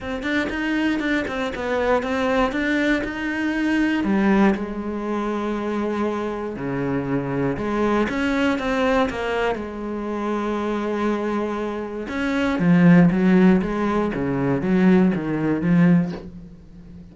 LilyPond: \new Staff \with { instrumentName = "cello" } { \time 4/4 \tempo 4 = 119 c'8 d'8 dis'4 d'8 c'8 b4 | c'4 d'4 dis'2 | g4 gis2.~ | gis4 cis2 gis4 |
cis'4 c'4 ais4 gis4~ | gis1 | cis'4 f4 fis4 gis4 | cis4 fis4 dis4 f4 | }